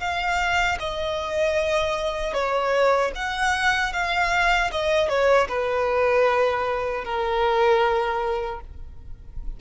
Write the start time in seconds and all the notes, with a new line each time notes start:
0.00 F5
0.80 D#5
2.34 C#5
3.15 F#5
3.93 F5
4.72 D#5
5.09 C#5
5.49 B4
7.04 A#4